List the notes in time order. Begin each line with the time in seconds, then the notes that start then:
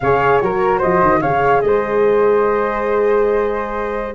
0.00 C#3 G#4 C#5 F5
0.39 F#3 F#4 A#4 C#5
0.78 F3 C5 D#5
1.02 D#3
1.21 C#3 G#4 C#5 F5
1.61 G#3 C5 D#5